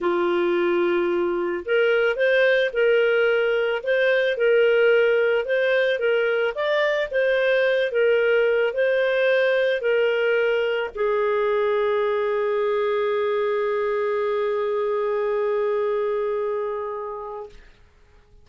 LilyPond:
\new Staff \with { instrumentName = "clarinet" } { \time 4/4 \tempo 4 = 110 f'2. ais'4 | c''4 ais'2 c''4 | ais'2 c''4 ais'4 | d''4 c''4. ais'4. |
c''2 ais'2 | gis'1~ | gis'1~ | gis'1 | }